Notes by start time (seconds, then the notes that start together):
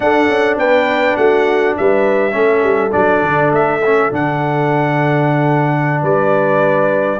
0.00 D4 A4 F#5
0.28 C#4
0.56 B3 B4 G5
1.17 A3 F#4 F#5
1.77 G3 B4 E5
2.31 A3 C#4 A4
2.63 G3
2.91 F#3 D4 D5
3.22 D3
3.51 A3 E5
3.85 C#4
4.11 D3 D4 F#5
6.01 G3 B4 D5